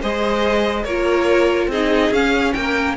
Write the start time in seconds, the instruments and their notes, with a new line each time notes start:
0.00 cello G#3, viola G#4, violin C5 D#5
0.84 cello A#3, viola F4, violin A#4 C#5
1.67 cello C4, viola D#4, violin G#4 D#5
2.11 cello C#4, viola C#4, violin F5
2.53 cello A#3, violin A#4 G5